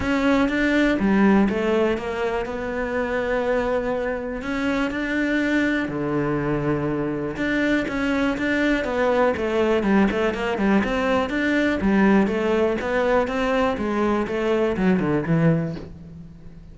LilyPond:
\new Staff \with { instrumentName = "cello" } { \time 4/4 \tempo 4 = 122 cis'4 d'4 g4 a4 | ais4 b2.~ | b4 cis'4 d'2 | d2. d'4 |
cis'4 d'4 b4 a4 | g8 a8 ais8 g8 c'4 d'4 | g4 a4 b4 c'4 | gis4 a4 fis8 d8 e4 | }